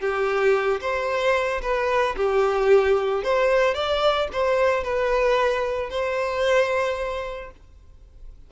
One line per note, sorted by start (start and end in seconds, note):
0.00 0.80 G4
0.81 1.61 C5
1.62 2.15 B4
2.16 3.23 G4
3.23 3.74 C5
3.74 4.28 D5
4.32 4.83 C5
4.83 5.90 B4
5.90 7.50 C5